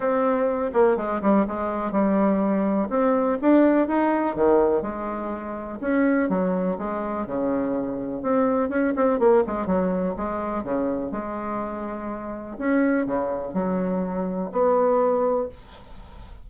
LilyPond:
\new Staff \with { instrumentName = "bassoon" } { \time 4/4 \tempo 4 = 124 c'4. ais8 gis8 g8 gis4 | g2 c'4 d'4 | dis'4 dis4 gis2 | cis'4 fis4 gis4 cis4~ |
cis4 c'4 cis'8 c'8 ais8 gis8 | fis4 gis4 cis4 gis4~ | gis2 cis'4 cis4 | fis2 b2 | }